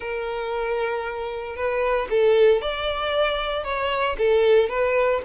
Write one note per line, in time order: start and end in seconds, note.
0.00 1.56 A#4
1.56 2.08 B4
2.10 2.61 A4
2.61 3.64 D5
3.64 4.16 C#5
4.17 4.69 A4
4.69 5.21 B4